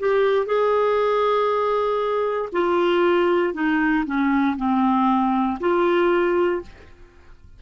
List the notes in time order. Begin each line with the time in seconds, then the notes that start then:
0.00 G4
0.46 G#4
2.53 F4
3.54 D#4
4.06 C#4
4.57 C4
5.60 F4